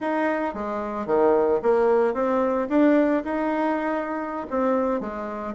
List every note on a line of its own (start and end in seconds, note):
0.00 0.54 D#4
0.54 1.06 G#3
1.06 1.60 D#3
1.62 2.14 A#3
2.14 2.68 C4
2.69 3.23 D4
3.24 4.46 D#4
4.50 5.00 C4
5.00 5.54 G#3